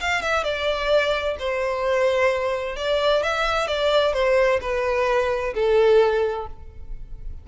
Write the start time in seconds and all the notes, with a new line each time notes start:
0.00 F5
0.22 E5
0.44 D5
1.39 C5
2.76 D5
3.23 E5
3.67 D5
4.13 C5
4.61 B4
5.54 A4